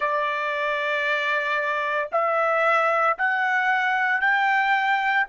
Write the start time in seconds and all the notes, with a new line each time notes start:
0.00 D5
2.11 E5
3.18 F#5
4.21 G5